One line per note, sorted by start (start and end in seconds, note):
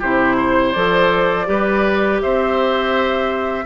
0.00 0.75 C3
0.00 0.75 E4
0.00 0.37 G4
0.00 0.73 C5
0.37 1.47 C5
0.73 1.48 F3
0.73 1.46 A4
0.73 2.19 D5
1.46 2.21 G3
1.46 3.65 G4
1.46 2.22 B4
2.22 3.66 C4
2.22 3.66 C5
2.22 3.66 E5